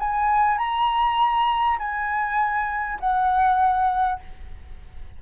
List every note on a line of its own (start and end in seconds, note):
0.00 0.59 G#5
0.59 1.79 A#5
1.79 2.99 G#5
3.01 4.21 F#5